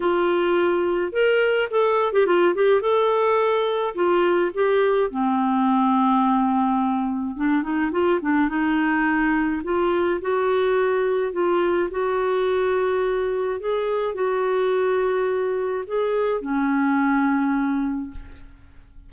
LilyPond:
\new Staff \with { instrumentName = "clarinet" } { \time 4/4 \tempo 4 = 106 f'2 ais'4 a'8. g'16 | f'8 g'8 a'2 f'4 | g'4 c'2.~ | c'4 d'8 dis'8 f'8 d'8 dis'4~ |
dis'4 f'4 fis'2 | f'4 fis'2. | gis'4 fis'2. | gis'4 cis'2. | }